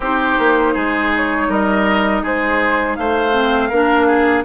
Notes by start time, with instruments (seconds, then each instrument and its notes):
0.00 bassoon C4, clarinet D#4, oboe G4, flute C5
0.38 bassoon A#3
0.74 bassoon G#3, oboe G#4
1.16 flute C#5
1.48 bassoon G3, oboe A#4, flute D#5
2.23 bassoon G#3, oboe G#4, flute C5
2.95 bassoon A3, oboe C5, flute F5
3.33 clarinet C4
3.69 bassoon A#3, clarinet D4, oboe A#4
4.06 oboe G#4